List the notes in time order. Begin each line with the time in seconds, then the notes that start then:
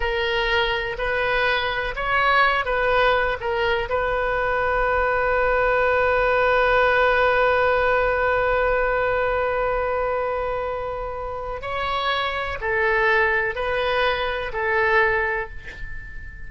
0.00 A#4
0.98 B4
1.95 C#5
2.65 B4
3.40 A#4
3.89 B4
11.61 C#5
12.60 A4
13.55 B4
14.52 A4